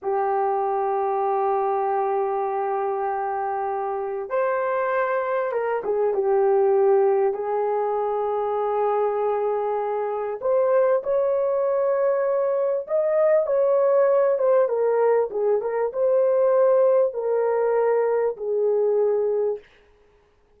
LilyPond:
\new Staff \with { instrumentName = "horn" } { \time 4/4 \tempo 4 = 98 g'1~ | g'2. c''4~ | c''4 ais'8 gis'8 g'2 | gis'1~ |
gis'4 c''4 cis''2~ | cis''4 dis''4 cis''4. c''8 | ais'4 gis'8 ais'8 c''2 | ais'2 gis'2 | }